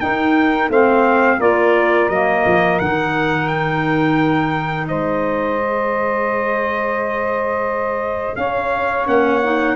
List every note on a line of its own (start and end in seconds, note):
0.00 0.70 D#4
0.00 0.69 D#4
0.00 0.70 A#4
0.00 0.70 G5
0.69 1.38 A3
0.69 1.40 C4
0.69 1.37 C5
0.69 1.41 F5
1.37 2.09 A#3
1.37 2.10 F4
1.37 4.86 A#4
1.37 2.09 D5
2.09 2.44 F#3
2.09 2.81 A#3
2.09 2.79 D#5
2.45 2.80 F3
2.79 4.90 D#3
2.79 5.59 D#4
2.79 3.47 F#5
3.47 4.87 G5
4.88 8.37 G#3
4.88 8.37 C5
4.88 8.36 D#5
5.59 9.05 G#4
8.36 9.07 C#4
8.36 9.75 C#5
8.36 9.06 F5
9.05 9.75 A#3
9.05 9.40 C#4
9.05 9.75 F#5
9.44 9.75 D#4